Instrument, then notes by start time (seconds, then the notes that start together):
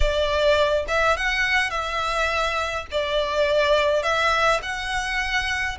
violin
0.00 D5
0.88 E5
1.16 F#5
1.70 E5
2.91 D5
4.02 E5
4.62 F#5